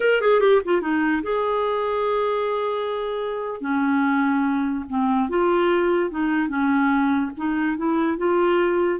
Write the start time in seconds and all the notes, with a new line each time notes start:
0.00 A#4
0.21 G#4
0.40 G4
0.64 F4
0.81 D#4
1.22 G#4
3.60 C#4
4.89 C4
5.29 F4
6.10 D#4
6.48 C#4
7.37 D#4
7.77 E4
8.17 F4